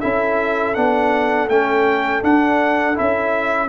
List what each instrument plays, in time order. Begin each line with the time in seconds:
0.00 tuba C#4, trombone E4, horn A4, trumpet E5
0.74 tuba B3, trombone D4, trumpet F#5
1.48 tuba A3, trombone C#4, trumpet G5
2.22 trombone D4, tuba D4, trumpet F#5
2.94 tuba C#4, trombone E4, trumpet E5